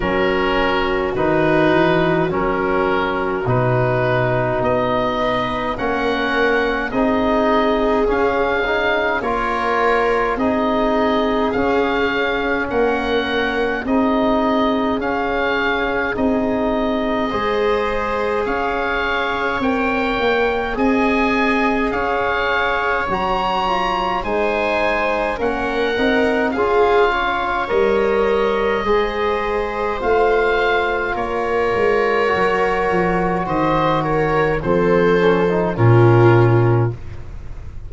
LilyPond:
<<
  \new Staff \with { instrumentName = "oboe" } { \time 4/4 \tempo 4 = 52 ais'4 b'4 ais'4 b'4 | dis''4 fis''4 dis''4 f''4 | cis''4 dis''4 f''4 fis''4 | dis''4 f''4 dis''2 |
f''4 g''4 gis''4 f''4 | ais''4 gis''4 fis''4 f''4 | dis''2 f''4 cis''4~ | cis''4 dis''8 cis''8 c''4 ais'4 | }
  \new Staff \with { instrumentName = "viola" } { \time 4/4 fis'1~ | fis'8 b'8 ais'4 gis'2 | ais'4 gis'2 ais'4 | gis'2. c''4 |
cis''2 dis''4 cis''4~ | cis''4 c''4 ais'4 gis'8 cis''8~ | cis''4 c''2 ais'4~ | ais'4 c''8 ais'8 a'4 f'4 | }
  \new Staff \with { instrumentName = "trombone" } { \time 4/4 cis'4 dis'4 cis'4 dis'4~ | dis'4 cis'4 dis'4 cis'8 dis'8 | f'4 dis'4 cis'2 | dis'4 cis'4 dis'4 gis'4~ |
gis'4 ais'4 gis'2 | fis'8 f'8 dis'4 cis'8 dis'8 f'4 | ais'4 gis'4 f'2 | fis'2 c'8 cis'16 dis'16 cis'4 | }
  \new Staff \with { instrumentName = "tuba" } { \time 4/4 fis4 dis8 e8 fis4 b,4 | b4 ais4 c'4 cis'4 | ais4 c'4 cis'4 ais4 | c'4 cis'4 c'4 gis4 |
cis'4 c'8 ais8 c'4 cis'4 | fis4 gis4 ais8 c'8 cis'4 | g4 gis4 a4 ais8 gis8 | fis8 f8 dis4 f4 ais,4 | }
>>